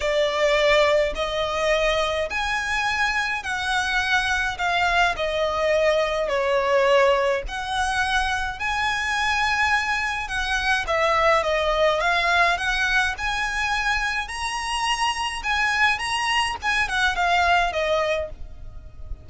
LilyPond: \new Staff \with { instrumentName = "violin" } { \time 4/4 \tempo 4 = 105 d''2 dis''2 | gis''2 fis''2 | f''4 dis''2 cis''4~ | cis''4 fis''2 gis''4~ |
gis''2 fis''4 e''4 | dis''4 f''4 fis''4 gis''4~ | gis''4 ais''2 gis''4 | ais''4 gis''8 fis''8 f''4 dis''4 | }